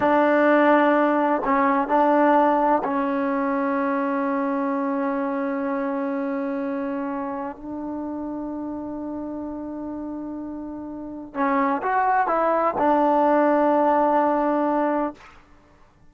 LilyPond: \new Staff \with { instrumentName = "trombone" } { \time 4/4 \tempo 4 = 127 d'2. cis'4 | d'2 cis'2~ | cis'1~ | cis'1 |
d'1~ | d'1 | cis'4 fis'4 e'4 d'4~ | d'1 | }